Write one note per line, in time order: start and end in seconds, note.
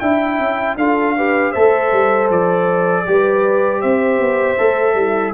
0.00 0.40 D4
0.00 0.79 E4
0.00 0.77 E5
0.00 0.76 G5
0.40 0.77 C#4
0.77 1.53 D4
0.77 1.17 F4
0.77 1.16 A4
0.77 1.52 F5
1.17 1.55 G4
1.17 1.53 B4
1.52 1.93 A3
1.52 3.06 A4
1.52 3.05 C5
1.52 2.28 E5
1.93 2.30 G3
2.30 3.06 F3
2.30 3.81 D5
3.06 3.84 G3
3.06 4.58 G4
3.06 3.81 B4
3.81 4.20 C4
3.81 4.95 C5
3.81 5.33 E5
4.20 4.58 B3
4.58 4.95 A3
4.58 5.34 A4
4.95 5.33 G3
4.95 5.34 E4